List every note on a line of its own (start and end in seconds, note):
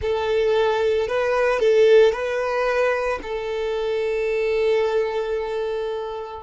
0.01 1.07 A4
1.07 1.59 B4
1.59 2.12 A4
2.12 3.19 B4
3.22 6.42 A4